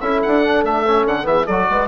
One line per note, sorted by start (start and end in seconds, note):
0.00 0.23 C#4
0.00 0.43 E4
0.00 1.27 A4
0.00 0.21 E5
0.22 0.64 D4
0.22 0.64 F#5
0.43 0.85 D4
0.64 1.05 A3
0.64 1.06 E5
0.86 1.23 C#4
1.06 1.25 D3
1.06 1.26 F#5
1.23 1.45 E3
1.23 1.43 B3
1.23 1.45 G#4
1.23 1.46 E5
1.45 1.69 F#3
1.45 1.88 F#4
1.45 1.66 A4
1.45 1.88 D5
1.70 1.88 G#3
1.70 1.88 B4